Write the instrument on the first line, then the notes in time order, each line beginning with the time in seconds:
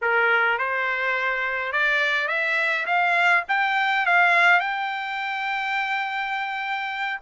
trumpet
0.01 A#4
0.58 C5
1.72 D5
2.28 E5
2.86 F5
3.48 G5
4.05 F5
4.59 G5